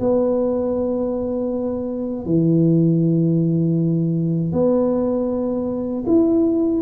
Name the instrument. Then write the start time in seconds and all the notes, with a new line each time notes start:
tuba
0.00 B3
2.26 E3
4.53 B3
6.07 E4